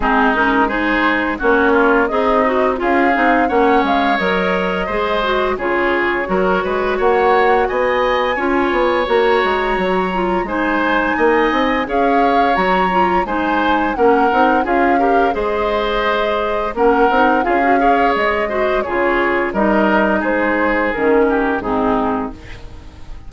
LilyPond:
<<
  \new Staff \with { instrumentName = "flute" } { \time 4/4 \tempo 4 = 86 gis'8 ais'8 c''4 cis''4 dis''4 | f''4 fis''8 f''8 dis''2 | cis''2 fis''4 gis''4~ | gis''4 ais''2 gis''4~ |
gis''4 f''4 ais''4 gis''4 | fis''4 f''4 dis''2 | fis''4 f''4 dis''4 cis''4 | dis''4 c''4 ais'4 gis'4 | }
  \new Staff \with { instrumentName = "oboe" } { \time 4/4 dis'4 gis'4 fis'8 f'8 dis'4 | gis'4 cis''2 c''4 | gis'4 ais'8 b'8 cis''4 dis''4 | cis''2. c''4 |
dis''4 cis''2 c''4 | ais'4 gis'8 ais'8 c''2 | ais'4 gis'8 cis''4 c''8 gis'4 | ais'4 gis'4. g'8 dis'4 | }
  \new Staff \with { instrumentName = "clarinet" } { \time 4/4 c'8 cis'8 dis'4 cis'4 gis'8 fis'8 | f'8 dis'8 cis'4 ais'4 gis'8 fis'8 | f'4 fis'2. | f'4 fis'4. f'8 dis'4~ |
dis'4 gis'4 fis'8 f'8 dis'4 | cis'8 dis'8 f'8 g'8 gis'2 | cis'8 dis'8 f'16 fis'16 gis'4 fis'8 f'4 | dis'2 cis'4 c'4 | }
  \new Staff \with { instrumentName = "bassoon" } { \time 4/4 gis2 ais4 c'4 | cis'8 c'8 ais8 gis8 fis4 gis4 | cis4 fis8 gis8 ais4 b4 | cis'8 b8 ais8 gis8 fis4 gis4 |
ais8 c'8 cis'4 fis4 gis4 | ais8 c'8 cis'4 gis2 | ais8 c'8 cis'4 gis4 cis4 | g4 gis4 dis4 gis,4 | }
>>